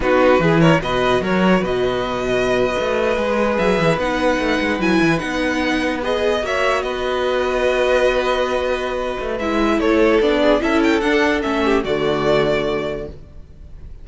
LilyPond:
<<
  \new Staff \with { instrumentName = "violin" } { \time 4/4 \tempo 4 = 147 b'4. cis''8 dis''4 cis''4 | dis''1~ | dis''8. e''4 fis''2 gis''16~ | gis''8. fis''2 dis''4 e''16~ |
e''8. dis''2.~ dis''16~ | dis''2. e''4 | cis''4 d''4 e''8 g''8 fis''4 | e''4 d''2. | }
  \new Staff \with { instrumentName = "violin" } { \time 4/4 fis'4 gis'8 ais'8 b'4 ais'4 | b'1~ | b'1~ | b'2.~ b'8. cis''16~ |
cis''8. b'2.~ b'16~ | b'1 | a'4. gis'8 a'2~ | a'8 g'8 fis'2. | }
  \new Staff \with { instrumentName = "viola" } { \time 4/4 dis'4 e'4 fis'2~ | fis'2.~ fis'8. gis'16~ | gis'4.~ gis'16 dis'2 e'16~ | e'8. dis'2 gis'4 fis'16~ |
fis'1~ | fis'2. e'4~ | e'4 d'4 e'4 d'4 | cis'4 a2. | }
  \new Staff \with { instrumentName = "cello" } { \time 4/4 b4 e4 b,4 fis4 | b,2~ b,8. a4 gis16~ | gis8. fis8 e8 b4 a8 gis8 fis16~ | fis16 e8 b2. ais16~ |
ais8. b2.~ b16~ | b2~ b8 a8 gis4 | a4 b4 cis'4 d'4 | a4 d2. | }
>>